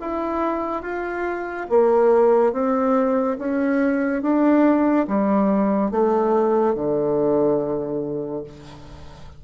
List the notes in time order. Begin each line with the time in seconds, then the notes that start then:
0.00 E4
0.82 F4
1.69 A#3
2.52 C4
3.39 C#4
4.22 D4
5.07 G3
5.91 A3
6.75 D3